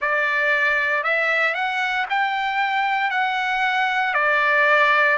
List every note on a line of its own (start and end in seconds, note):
0.01 1.03 D5
1.03 1.54 E5
1.54 2.05 F#5
2.09 3.10 G5
3.10 4.14 F#5
4.14 5.17 D5